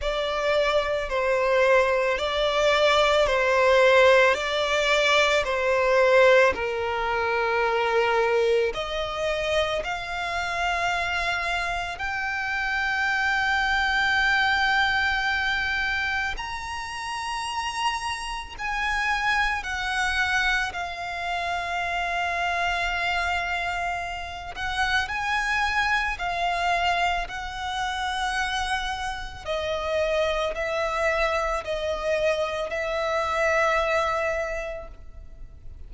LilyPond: \new Staff \with { instrumentName = "violin" } { \time 4/4 \tempo 4 = 55 d''4 c''4 d''4 c''4 | d''4 c''4 ais'2 | dis''4 f''2 g''4~ | g''2. ais''4~ |
ais''4 gis''4 fis''4 f''4~ | f''2~ f''8 fis''8 gis''4 | f''4 fis''2 dis''4 | e''4 dis''4 e''2 | }